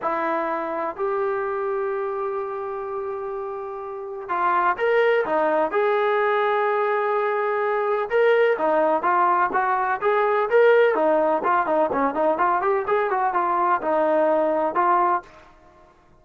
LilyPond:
\new Staff \with { instrumentName = "trombone" } { \time 4/4 \tempo 4 = 126 e'2 g'2~ | g'1~ | g'4 f'4 ais'4 dis'4 | gis'1~ |
gis'4 ais'4 dis'4 f'4 | fis'4 gis'4 ais'4 dis'4 | f'8 dis'8 cis'8 dis'8 f'8 g'8 gis'8 fis'8 | f'4 dis'2 f'4 | }